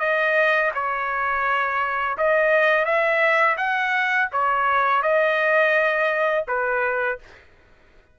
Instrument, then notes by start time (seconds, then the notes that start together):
trumpet
0.00 D#5
0.74 C#5
2.18 D#5
2.85 E5
3.57 F#5
4.32 C#5
5.03 D#5
6.48 B4